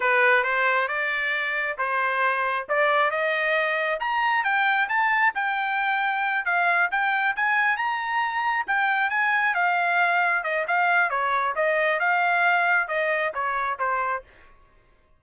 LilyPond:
\new Staff \with { instrumentName = "trumpet" } { \time 4/4 \tempo 4 = 135 b'4 c''4 d''2 | c''2 d''4 dis''4~ | dis''4 ais''4 g''4 a''4 | g''2~ g''8 f''4 g''8~ |
g''8 gis''4 ais''2 g''8~ | g''8 gis''4 f''2 dis''8 | f''4 cis''4 dis''4 f''4~ | f''4 dis''4 cis''4 c''4 | }